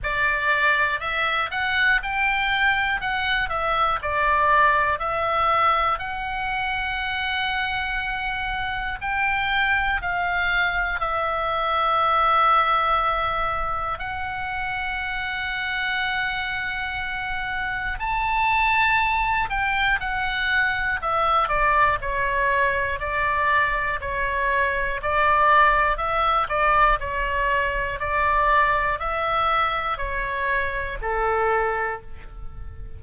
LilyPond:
\new Staff \with { instrumentName = "oboe" } { \time 4/4 \tempo 4 = 60 d''4 e''8 fis''8 g''4 fis''8 e''8 | d''4 e''4 fis''2~ | fis''4 g''4 f''4 e''4~ | e''2 fis''2~ |
fis''2 a''4. g''8 | fis''4 e''8 d''8 cis''4 d''4 | cis''4 d''4 e''8 d''8 cis''4 | d''4 e''4 cis''4 a'4 | }